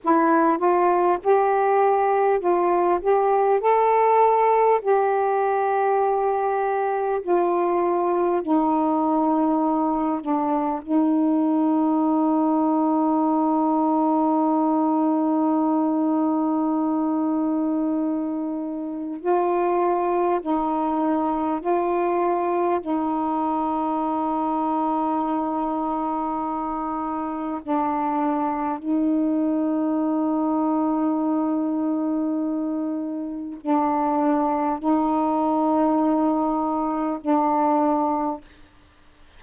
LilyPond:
\new Staff \with { instrumentName = "saxophone" } { \time 4/4 \tempo 4 = 50 e'8 f'8 g'4 f'8 g'8 a'4 | g'2 f'4 dis'4~ | dis'8 d'8 dis'2.~ | dis'1 |
f'4 dis'4 f'4 dis'4~ | dis'2. d'4 | dis'1 | d'4 dis'2 d'4 | }